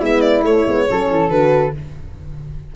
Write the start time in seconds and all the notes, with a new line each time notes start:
0.00 G#3 B3 E4 E5
0.21 D5
0.43 A3 C#5
0.67 G#3 B3
0.89 F#3 C#4 A4
1.11 E3
1.30 D3 F#4 B4